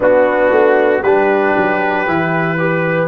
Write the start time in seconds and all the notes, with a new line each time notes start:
0.00 B3 D4 F#4
0.50 A3
1.02 G3 D4 G4 B4
1.57 F#3
2.06 E3 E4
2.58 G4 B4